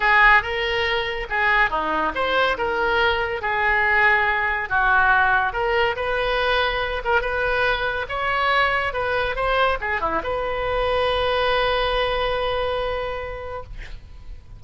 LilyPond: \new Staff \with { instrumentName = "oboe" } { \time 4/4 \tempo 4 = 141 gis'4 ais'2 gis'4 | dis'4 c''4 ais'2 | gis'2. fis'4~ | fis'4 ais'4 b'2~ |
b'8 ais'8 b'2 cis''4~ | cis''4 b'4 c''4 gis'8 e'8 | b'1~ | b'1 | }